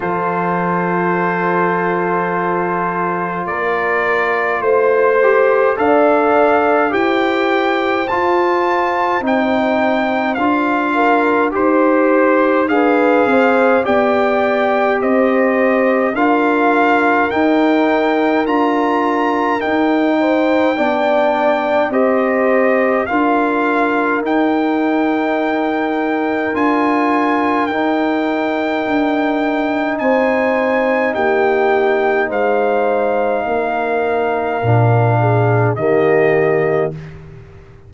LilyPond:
<<
  \new Staff \with { instrumentName = "trumpet" } { \time 4/4 \tempo 4 = 52 c''2. d''4 | c''4 f''4 g''4 a''4 | g''4 f''4 c''4 f''4 | g''4 dis''4 f''4 g''4 |
ais''4 g''2 dis''4 | f''4 g''2 gis''4 | g''2 gis''4 g''4 | f''2. dis''4 | }
  \new Staff \with { instrumentName = "horn" } { \time 4/4 a'2. ais'4 | c''4 d''4 c''2~ | c''4. ais'8 c''4 b'8 c''8 | d''4 c''4 ais'2~ |
ais'4. c''8 d''4 c''4 | ais'1~ | ais'2 c''4 g'4 | c''4 ais'4. gis'8 g'4 | }
  \new Staff \with { instrumentName = "trombone" } { \time 4/4 f'1~ | f'8 g'8 a'4 g'4 f'4 | dis'4 f'4 g'4 gis'4 | g'2 f'4 dis'4 |
f'4 dis'4 d'4 g'4 | f'4 dis'2 f'4 | dis'1~ | dis'2 d'4 ais4 | }
  \new Staff \with { instrumentName = "tuba" } { \time 4/4 f2. ais4 | a4 d'4 e'4 f'4 | c'4 d'4 dis'4 d'8 c'8 | b4 c'4 d'4 dis'4 |
d'4 dis'4 b4 c'4 | d'4 dis'2 d'4 | dis'4 d'4 c'4 ais4 | gis4 ais4 ais,4 dis4 | }
>>